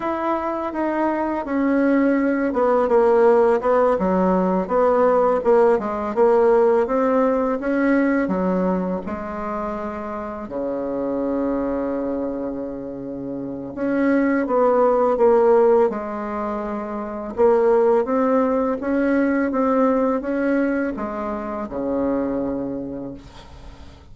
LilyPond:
\new Staff \with { instrumentName = "bassoon" } { \time 4/4 \tempo 4 = 83 e'4 dis'4 cis'4. b8 | ais4 b8 fis4 b4 ais8 | gis8 ais4 c'4 cis'4 fis8~ | fis8 gis2 cis4.~ |
cis2. cis'4 | b4 ais4 gis2 | ais4 c'4 cis'4 c'4 | cis'4 gis4 cis2 | }